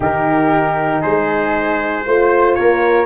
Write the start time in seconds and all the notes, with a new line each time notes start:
0.00 D#3 D#4 G4 A#4
1.01 G#3 G#4 C5
2.05 A3 F4 C5
2.54 A#3 A#4 C#5